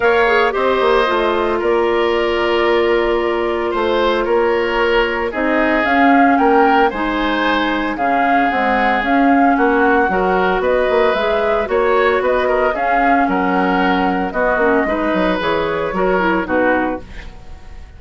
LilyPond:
<<
  \new Staff \with { instrumentName = "flute" } { \time 4/4 \tempo 4 = 113 f''4 dis''2 d''4~ | d''2. c''4 | cis''2 dis''4 f''4 | g''4 gis''2 f''4 |
fis''4 f''4 fis''2 | dis''4 e''4 cis''4 dis''4 | f''4 fis''2 dis''4~ | dis''4 cis''2 b'4 | }
  \new Staff \with { instrumentName = "oboe" } { \time 4/4 cis''4 c''2 ais'4~ | ais'2. c''4 | ais'2 gis'2 | ais'4 c''2 gis'4~ |
gis'2 fis'4 ais'4 | b'2 cis''4 b'8 ais'8 | gis'4 ais'2 fis'4 | b'2 ais'4 fis'4 | }
  \new Staff \with { instrumentName = "clarinet" } { \time 4/4 ais'8 gis'8 g'4 f'2~ | f'1~ | f'2 dis'4 cis'4~ | cis'4 dis'2 cis'4 |
gis4 cis'2 fis'4~ | fis'4 gis'4 fis'2 | cis'2. b8 cis'8 | dis'4 gis'4 fis'8 e'8 dis'4 | }
  \new Staff \with { instrumentName = "bassoon" } { \time 4/4 ais4 c'8 ais8 a4 ais4~ | ais2. a4 | ais2 c'4 cis'4 | ais4 gis2 cis4 |
c'4 cis'4 ais4 fis4 | b8 ais8 gis4 ais4 b4 | cis'4 fis2 b8 ais8 | gis8 fis8 e4 fis4 b,4 | }
>>